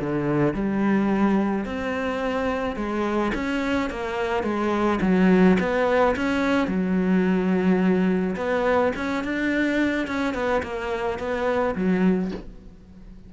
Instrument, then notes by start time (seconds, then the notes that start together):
cello
0.00 D3
0.54 G3
1.65 C4
2.76 G#3
3.34 C#4
3.90 A#3
4.43 G#3
5.01 F#3
5.59 B3
6.16 C#4
6.68 F#3
8.36 B3
8.96 C#4
9.24 D4
10.07 C#4
10.34 B3
10.63 A#3
11.19 B3
11.75 F#3